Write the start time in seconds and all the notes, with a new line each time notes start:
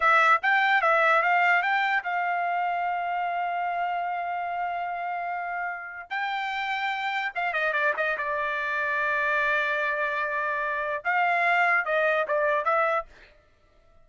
0.00 E5
0.42 G5
0.81 E5
1.22 F5
1.62 G5
2.03 F5
6.09 G5
7.35 F5
7.53 D#5
7.73 D5
7.96 D#5
8.17 D5
11.04 F5
11.85 D#5
12.27 D5
12.64 E5